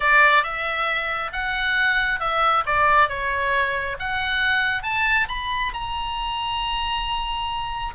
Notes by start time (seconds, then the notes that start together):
0.00 D5
0.43 E5
1.32 F#5
2.20 E5
2.66 D5
3.08 C#5
3.99 F#5
4.82 A5
5.28 B5
5.73 A#5